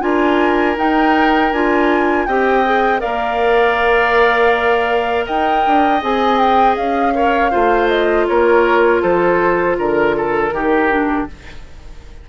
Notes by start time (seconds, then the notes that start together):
0.00 D4 F4 A#4 G#5
0.77 D#4 G5
1.52 D4 F4 G#5
2.25 C4 G4 D#5 G5
2.65 G#4
2.99 A#3 A#4 D5 F5
5.25 D#4 D#5 G5
5.66 D4
6.01 C4 G#4 G#5
6.38 G5
6.76 C#4 F5
7.14 A#4 C#5
7.50 A3 F4 C5
7.88 D#5
8.27 A#3 A#4 C#5
9.01 F3 A4 C5
9.78 D3 A#4
10.17 A4
10.50 D#3 D#4 G4
10.89 D4